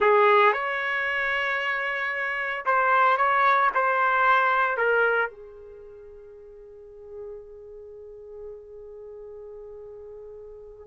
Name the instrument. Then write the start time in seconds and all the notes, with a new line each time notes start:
trumpet
0.00 G#4
0.52 C#5
2.65 C5
3.17 C#5
3.74 C5
4.77 A#4
5.30 G#4